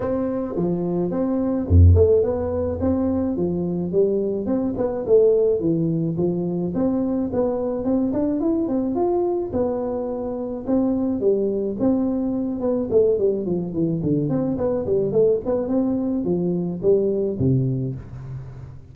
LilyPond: \new Staff \with { instrumentName = "tuba" } { \time 4/4 \tempo 4 = 107 c'4 f4 c'4 f,8 a8 | b4 c'4 f4 g4 | c'8 b8 a4 e4 f4 | c'4 b4 c'8 d'8 e'8 c'8 |
f'4 b2 c'4 | g4 c'4. b8 a8 g8 | f8 e8 d8 c'8 b8 g8 a8 b8 | c'4 f4 g4 c4 | }